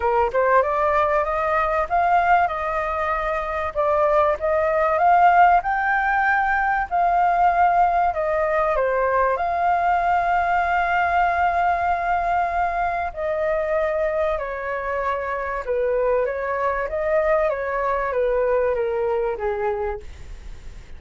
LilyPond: \new Staff \with { instrumentName = "flute" } { \time 4/4 \tempo 4 = 96 ais'8 c''8 d''4 dis''4 f''4 | dis''2 d''4 dis''4 | f''4 g''2 f''4~ | f''4 dis''4 c''4 f''4~ |
f''1~ | f''4 dis''2 cis''4~ | cis''4 b'4 cis''4 dis''4 | cis''4 b'4 ais'4 gis'4 | }